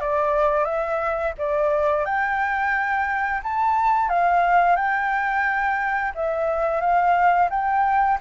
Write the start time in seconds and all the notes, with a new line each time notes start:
0.00 D5
0.65 E5
1.38 D5
2.05 G5
3.43 A5
4.09 F5
4.76 G5
6.15 E5
6.81 F5
7.50 G5